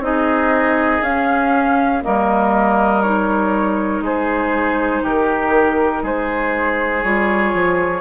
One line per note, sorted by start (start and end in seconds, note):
0.00 1.00 C4
0.00 1.02 D#4
0.00 2.05 G#4
0.00 1.03 D#5
1.02 2.02 C#4
1.02 2.03 F5
2.02 4.01 G3
2.02 3.02 A#3
2.02 4.04 A#4
2.02 3.03 D#5
3.03 7.04 D#4
3.03 4.03 C#5
4.01 5.01 G#3
4.01 5.04 G#4
4.01 5.05 C5
5.04 6.03 D#3
5.04 6.03 G4
5.04 6.05 A#4
6.03 7.03 G#3
6.03 8.02 G#4
6.03 7.04 C5
7.04 7.54 G3
7.04 8.02 F4
7.04 8.02 C#5
7.54 8.02 F3